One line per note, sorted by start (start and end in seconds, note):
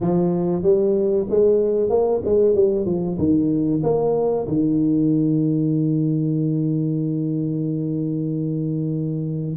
0.00 0.62 F3
0.62 1.26 G3
1.29 1.89 G#3
1.89 2.21 A#3
2.24 2.54 G#3
2.54 2.85 G3
2.85 3.17 F3
3.18 3.82 D#3
3.83 4.47 A#3
4.47 9.57 D#3